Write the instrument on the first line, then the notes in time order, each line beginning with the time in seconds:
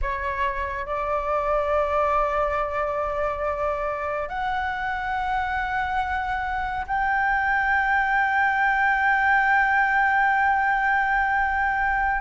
flute
0.01 C#5
0.86 D5
4.29 F#5
6.86 G5